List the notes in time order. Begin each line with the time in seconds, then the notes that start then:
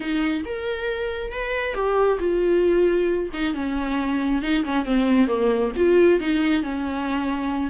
0.00 D#4
0.45 A#4
1.32 B4
1.74 G4
2.19 F4
3.33 D#4
3.54 C#4
4.42 D#4
4.64 C#4
4.85 C4
5.27 A#3
5.76 F4
6.20 D#4
6.63 C#4